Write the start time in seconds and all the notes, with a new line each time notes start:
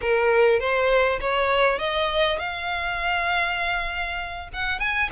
0.01 A#4
0.59 C5
1.20 C#5
1.78 D#5
2.38 F5
4.53 F#5
4.79 G#5